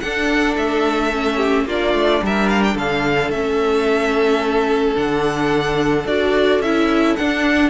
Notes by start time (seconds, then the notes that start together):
0.00 D4 A4 F#5
0.57 A3 E5
1.12 C#4
1.36 G4
1.66 A#3 D4 F4 D5
1.94 A3
2.22 G3 A#4 E5
2.49 F5
2.63 G5
2.74 D3 A4 F5
3.30 A3 C#4 E5
4.96 D3 D4 F#5
6.05 D4 F#4 D5
6.60 C#4 E4 E5
7.16 D4 F#5